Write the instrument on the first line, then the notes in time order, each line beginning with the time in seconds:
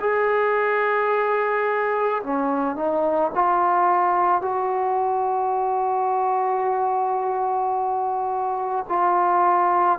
trombone
0.00 G#4
2.23 C#4
2.76 D#4
3.34 F4
4.41 F#4
8.88 F4